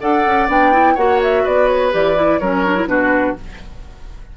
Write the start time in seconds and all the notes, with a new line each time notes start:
0.00 D4 A4 D5 F#5
0.25 C#4
0.48 B3 D4 G5
0.72 E4
0.94 A#3 F#4 C#5 F#5
1.22 E5
1.43 B3 B4 D5
1.67 C#5
1.91 E3 G4 D5
2.15 E4
2.38 F#3 C#4 A#4 C#5
2.65 D4
2.75 E4
2.86 B2 D4 F#4 B4